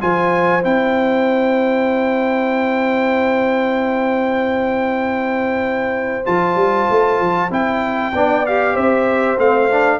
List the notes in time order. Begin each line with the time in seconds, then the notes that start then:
0.00 F3 F4 C5 G#5
0.62 C4 E4 G5
6.25 F3 F4 A5
6.55 G3
6.90 A3
7.20 F3
7.50 C4 E4 G5
8.13 B3 D4 D5
8.46 G4 F5
8.74 C4 C5 E5
9.38 A3 C4 F5
9.70 D4